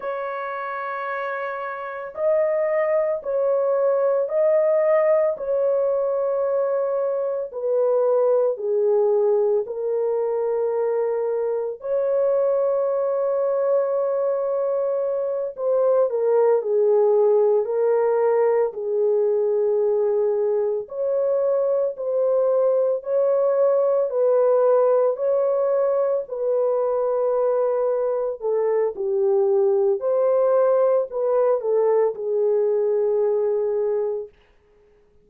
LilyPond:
\new Staff \with { instrumentName = "horn" } { \time 4/4 \tempo 4 = 56 cis''2 dis''4 cis''4 | dis''4 cis''2 b'4 | gis'4 ais'2 cis''4~ | cis''2~ cis''8 c''8 ais'8 gis'8~ |
gis'8 ais'4 gis'2 cis''8~ | cis''8 c''4 cis''4 b'4 cis''8~ | cis''8 b'2 a'8 g'4 | c''4 b'8 a'8 gis'2 | }